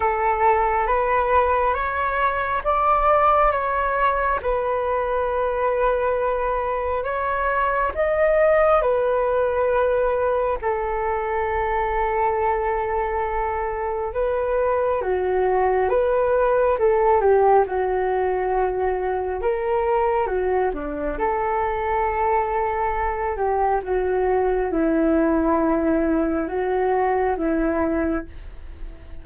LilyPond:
\new Staff \with { instrumentName = "flute" } { \time 4/4 \tempo 4 = 68 a'4 b'4 cis''4 d''4 | cis''4 b'2. | cis''4 dis''4 b'2 | a'1 |
b'4 fis'4 b'4 a'8 g'8 | fis'2 ais'4 fis'8 d'8 | a'2~ a'8 g'8 fis'4 | e'2 fis'4 e'4 | }